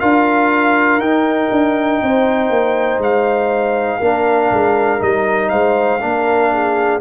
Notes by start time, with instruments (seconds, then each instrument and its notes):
0.00 tuba D4, trombone F4, horn A#4, trumpet F5
0.99 tuba D#4, trombone D#4, trumpet G5
1.51 tuba D4
2.03 tuba C4, horn C5
2.50 tuba A#3
2.98 tuba G#3, trumpet F5
4.00 tuba A#3, trombone D4, horn A#4
4.51 tuba G#3
4.99 tuba G3, trombone D#4, trumpet D#5
5.49 tuba G#3, horn C5, trumpet F5
6.01 tuba A#3, trombone D4, horn A#4
6.53 horn G#4